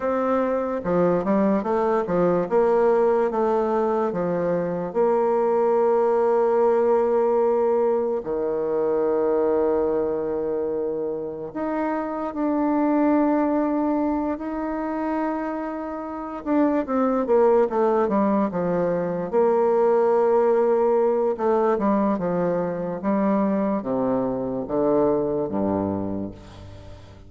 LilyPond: \new Staff \with { instrumentName = "bassoon" } { \time 4/4 \tempo 4 = 73 c'4 f8 g8 a8 f8 ais4 | a4 f4 ais2~ | ais2 dis2~ | dis2 dis'4 d'4~ |
d'4. dis'2~ dis'8 | d'8 c'8 ais8 a8 g8 f4 ais8~ | ais2 a8 g8 f4 | g4 c4 d4 g,4 | }